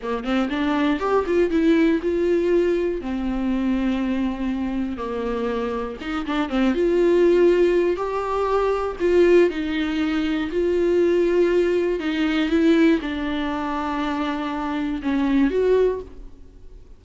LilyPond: \new Staff \with { instrumentName = "viola" } { \time 4/4 \tempo 4 = 120 ais8 c'8 d'4 g'8 f'8 e'4 | f'2 c'2~ | c'2 ais2 | dis'8 d'8 c'8 f'2~ f'8 |
g'2 f'4 dis'4~ | dis'4 f'2. | dis'4 e'4 d'2~ | d'2 cis'4 fis'4 | }